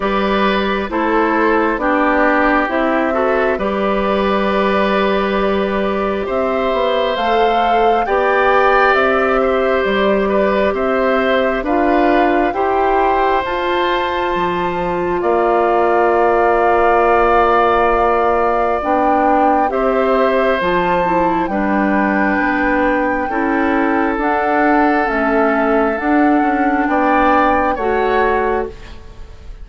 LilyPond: <<
  \new Staff \with { instrumentName = "flute" } { \time 4/4 \tempo 4 = 67 d''4 c''4 d''4 e''4 | d''2. e''4 | f''4 g''4 e''4 d''4 | e''4 f''4 g''4 a''4~ |
a''4 f''2.~ | f''4 g''4 e''4 a''4 | g''2. fis''4 | e''4 fis''4 g''4 fis''4 | }
  \new Staff \with { instrumentName = "oboe" } { \time 4/4 b'4 a'4 g'4. a'8 | b'2. c''4~ | c''4 d''4. c''4 b'8 | c''4 b'4 c''2~ |
c''4 d''2.~ | d''2 c''2 | b'2 a'2~ | a'2 d''4 cis''4 | }
  \new Staff \with { instrumentName = "clarinet" } { \time 4/4 g'4 e'4 d'4 e'8 fis'8 | g'1 | a'4 g'2.~ | g'4 f'4 g'4 f'4~ |
f'1~ | f'4 d'4 g'4 f'8 e'8 | d'2 e'4 d'4 | cis'4 d'2 fis'4 | }
  \new Staff \with { instrumentName = "bassoon" } { \time 4/4 g4 a4 b4 c'4 | g2. c'8 b8 | a4 b4 c'4 g4 | c'4 d'4 e'4 f'4 |
f4 ais2.~ | ais4 b4 c'4 f4 | g4 b4 cis'4 d'4 | a4 d'8 cis'8 b4 a4 | }
>>